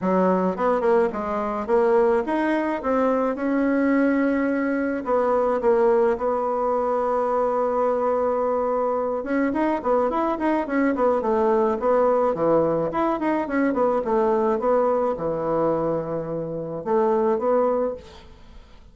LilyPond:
\new Staff \with { instrumentName = "bassoon" } { \time 4/4 \tempo 4 = 107 fis4 b8 ais8 gis4 ais4 | dis'4 c'4 cis'2~ | cis'4 b4 ais4 b4~ | b1~ |
b8 cis'8 dis'8 b8 e'8 dis'8 cis'8 b8 | a4 b4 e4 e'8 dis'8 | cis'8 b8 a4 b4 e4~ | e2 a4 b4 | }